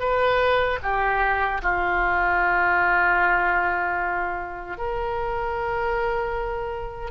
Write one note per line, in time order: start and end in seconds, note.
0.00 0.79 B4
0.83 1.62 G4
1.63 4.78 F4
4.78 7.11 A#4